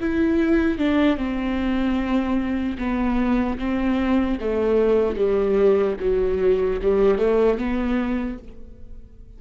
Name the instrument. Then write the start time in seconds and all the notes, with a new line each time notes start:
viola
0.00 E4
0.78 D4
1.17 C4
2.78 B3
3.58 C4
4.40 A3
5.16 G3
6.00 F#3
6.82 G3
7.18 A3
7.58 B3